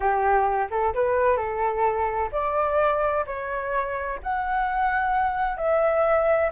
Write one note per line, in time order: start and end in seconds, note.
0.00 0.68 G4
0.70 0.93 A4
0.93 1.36 B4
1.36 2.29 A4
2.32 3.25 D5
3.26 4.19 C#5
4.22 5.57 F#5
5.57 6.50 E5